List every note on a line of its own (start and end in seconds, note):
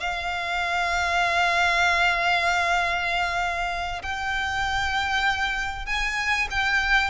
0.00 4.02 F5
4.03 5.86 G5
5.86 6.48 G#5
6.50 7.10 G5